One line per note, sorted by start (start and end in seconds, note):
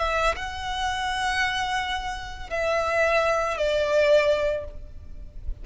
0.00 0.36 E5
0.36 2.50 F#5
2.50 3.57 E5
3.58 4.65 D5